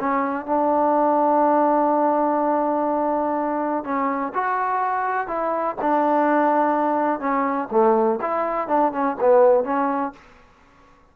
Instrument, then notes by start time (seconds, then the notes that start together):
trombone
0.00 C#4
0.46 D4
3.84 C#4
4.34 F#4
5.28 E4
5.82 D4
7.20 C#4
7.71 A3
8.21 E4
8.68 D4
8.92 C#4
9.20 B3
9.64 C#4